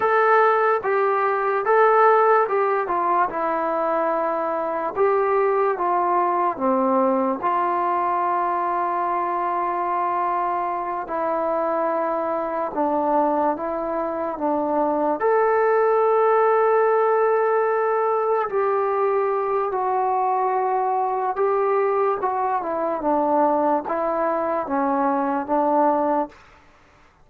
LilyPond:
\new Staff \with { instrumentName = "trombone" } { \time 4/4 \tempo 4 = 73 a'4 g'4 a'4 g'8 f'8 | e'2 g'4 f'4 | c'4 f'2.~ | f'4. e'2 d'8~ |
d'8 e'4 d'4 a'4.~ | a'2~ a'8 g'4. | fis'2 g'4 fis'8 e'8 | d'4 e'4 cis'4 d'4 | }